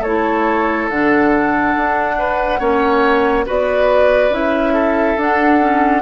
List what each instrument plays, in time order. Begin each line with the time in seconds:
0.00 bassoon A3, clarinet E4, oboe A4, flute C#5
0.89 bassoon D3, clarinet D4, flute F#5
1.76 bassoon D4
2.18 oboe B4
2.59 bassoon A#3, clarinet C#4, oboe C#5
3.46 bassoon B3, clarinet F#4, oboe B4, flute D5
4.29 bassoon C#4, clarinet E4, flute E5
4.73 oboe A4
5.17 bassoon D4, clarinet D4, flute F#5
5.60 clarinet C#4